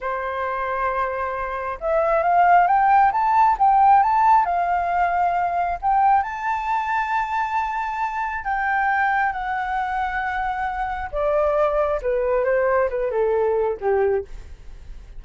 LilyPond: \new Staff \with { instrumentName = "flute" } { \time 4/4 \tempo 4 = 135 c''1 | e''4 f''4 g''4 a''4 | g''4 a''4 f''2~ | f''4 g''4 a''2~ |
a''2. g''4~ | g''4 fis''2.~ | fis''4 d''2 b'4 | c''4 b'8 a'4. g'4 | }